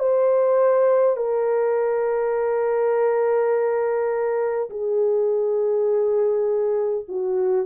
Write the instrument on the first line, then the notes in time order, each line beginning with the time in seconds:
horn
0.00 C5
1.17 A#4
4.71 G#4
7.09 F#4